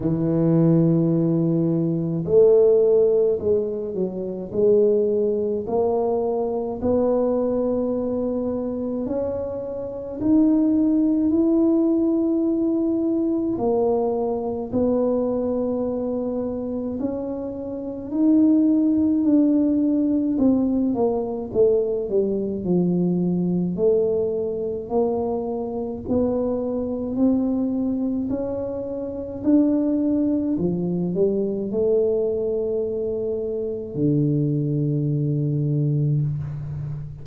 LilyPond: \new Staff \with { instrumentName = "tuba" } { \time 4/4 \tempo 4 = 53 e2 a4 gis8 fis8 | gis4 ais4 b2 | cis'4 dis'4 e'2 | ais4 b2 cis'4 |
dis'4 d'4 c'8 ais8 a8 g8 | f4 a4 ais4 b4 | c'4 cis'4 d'4 f8 g8 | a2 d2 | }